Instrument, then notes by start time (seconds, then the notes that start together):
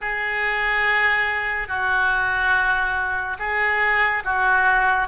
oboe
0.01 G#4
1.68 F#4
3.38 G#4
4.24 F#4